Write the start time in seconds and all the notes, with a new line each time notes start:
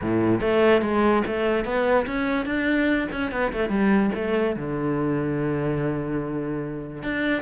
0.01 A2
0.40 A3
0.81 G#3
1.26 A3
1.64 B3
2.06 C#4
2.45 D4
3.11 C#4
3.31 B3
3.52 A3
3.69 G3
4.14 A3
4.56 D3
7.02 D4